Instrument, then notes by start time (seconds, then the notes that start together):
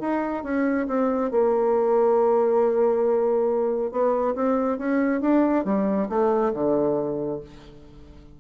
bassoon
0.00 D#4
0.43 C#4
0.88 C4
1.31 A#3
3.91 B3
4.35 C4
4.78 C#4
5.21 D4
5.65 G3
6.09 A3
6.53 D3